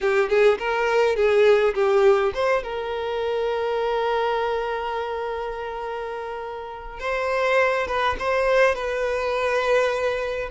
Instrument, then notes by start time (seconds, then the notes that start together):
violin
0.01 G4
0.29 G#4
0.58 A#4
1.15 G#4
1.74 G4
2.34 C5
2.63 A#4
6.99 C5
7.87 B4
8.19 C5
8.74 B4